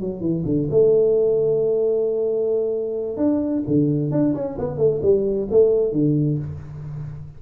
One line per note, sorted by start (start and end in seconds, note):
0.00 0.20 F#3
0.20 0.43 E3
0.45 0.68 D3
0.70 3.17 A3
3.17 3.62 D4
3.67 4.11 D3
4.11 4.34 D4
4.34 4.57 C#4
4.58 4.77 B3
4.77 5.00 A3
5.02 5.48 G3
5.50 5.92 A3
5.92 6.38 D3